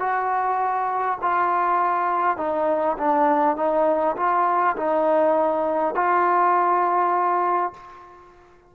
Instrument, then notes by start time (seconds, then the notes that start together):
trombone
0.00 F#4
1.22 F4
2.38 D#4
2.98 D4
3.57 D#4
4.17 F4
4.77 D#4
5.95 F4